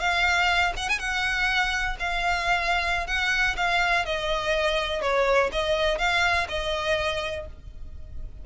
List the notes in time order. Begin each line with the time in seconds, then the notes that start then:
0.00 F5
0.77 F#5
0.89 G#5
0.99 F#5
1.99 F5
3.07 F#5
3.57 F5
4.06 D#5
5.02 C#5
5.52 D#5
5.98 F5
6.49 D#5